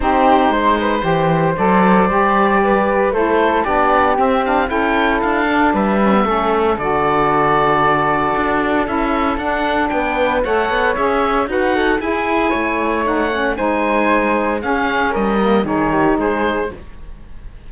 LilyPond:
<<
  \new Staff \with { instrumentName = "oboe" } { \time 4/4 \tempo 4 = 115 c''2. d''4~ | d''2 c''4 d''4 | e''8 f''8 g''4 f''4 e''4~ | e''4 d''2.~ |
d''4 e''4 fis''4 g''4 | fis''4 e''4 fis''4 gis''4~ | gis''4 fis''4 gis''2 | f''4 dis''4 cis''4 c''4 | }
  \new Staff \with { instrumentName = "flute" } { \time 4/4 g'4 c''8 b'8 c''2~ | c''4 b'4 a'4 g'4~ | g'4 a'2 b'4 | a'1~ |
a'2. b'4 | cis''2 b'8 a'8 gis'4 | cis''2 c''2 | gis'4 ais'4 gis'8 g'8 gis'4 | }
  \new Staff \with { instrumentName = "saxophone" } { \time 4/4 dis'2 g'4 a'4 | g'2 e'4 d'4 | c'8 d'8 e'4. d'4 cis'16 b16 | cis'4 fis'2.~ |
fis'4 e'4 d'2 | a'4 gis'4 fis'4 e'4~ | e'4 dis'8 cis'8 dis'2 | cis'4. ais8 dis'2 | }
  \new Staff \with { instrumentName = "cello" } { \time 4/4 c'4 gis4 e4 fis4 | g2 a4 b4 | c'4 cis'4 d'4 g4 | a4 d2. |
d'4 cis'4 d'4 b4 | a8 b8 cis'4 dis'4 e'4 | a2 gis2 | cis'4 g4 dis4 gis4 | }
>>